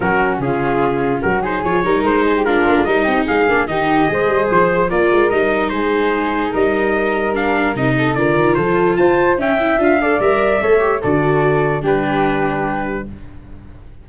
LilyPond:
<<
  \new Staff \with { instrumentName = "trumpet" } { \time 4/4 \tempo 4 = 147 ais'4 gis'2 ais'8 c''8 | cis''4 c''4 ais'4 dis''4 | f''4 dis''2 c''4 | d''4 dis''4 c''2 |
dis''2 f''4 dis''4 | d''4 c''4 a''4 g''4 | f''4 e''2 d''4~ | d''4 b'2. | }
  \new Staff \with { instrumentName = "flute" } { \time 4/4 fis'4 f'2 fis'8 gis'8~ | gis'8 ais'4 gis'16 g'16 f'4 ais'8 g'8 | gis'4 g'4 c''2 | ais'2 gis'2 |
ais'2.~ ais'8 a'8 | ais'4 a'4 c''4 e''4~ | e''8 d''4. cis''4 a'4~ | a'4 g'2. | }
  \new Staff \with { instrumentName = "viola" } { \time 4/4 cis'2.~ cis'8 dis'8 | f'8 dis'4. d'4 dis'4~ | dis'8 d'8 dis'4 gis'2 | f'4 dis'2.~ |
dis'2 d'4 dis'4 | f'2. cis'8 e'8 | f'8 a'8 ais'4 a'8 g'8 fis'4~ | fis'4 d'2. | }
  \new Staff \with { instrumentName = "tuba" } { \time 4/4 fis4 cis2 fis4 | f8 g8 gis4. ais16 gis16 g8 c'8 | gis8 ais8 dis4 gis8 g8 f4 | ais8 gis8 g4 gis2 |
g2. c4 | d8 dis8 f4 f'4 cis'4 | d'4 g4 a4 d4~ | d4 g2. | }
>>